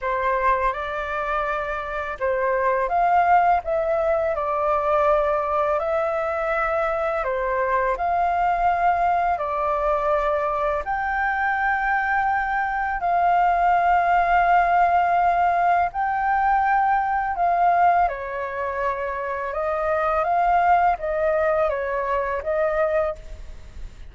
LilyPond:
\new Staff \with { instrumentName = "flute" } { \time 4/4 \tempo 4 = 83 c''4 d''2 c''4 | f''4 e''4 d''2 | e''2 c''4 f''4~ | f''4 d''2 g''4~ |
g''2 f''2~ | f''2 g''2 | f''4 cis''2 dis''4 | f''4 dis''4 cis''4 dis''4 | }